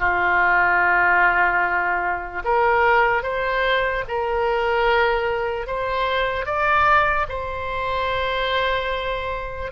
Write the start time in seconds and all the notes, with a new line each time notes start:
0.00 F4
2.45 A#4
3.23 C5
4.08 A#4
5.68 C5
6.46 D5
7.29 C5